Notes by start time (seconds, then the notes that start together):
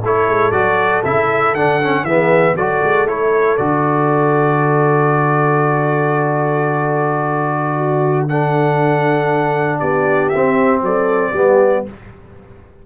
0.00 A3 E4 A4 C#5
0.28 G#3
0.52 F#3 F#4 D5
1.05 C#3 E4 E5
1.54 D3 D4 F#5
1.82 C#4
2.04 E3 B3 G#4 E5
2.55 F#3 F#4 A4 D5
2.83 G#3
3.06 A3 E4 C#5
3.57 D3 F#4 D5
7.77 F#4
8.29 D4 A4 F#5
9.80 B3 G4 D5
10.29 C4 E5
10.82 F#3 A4 D5
11.31 G3 B3 G4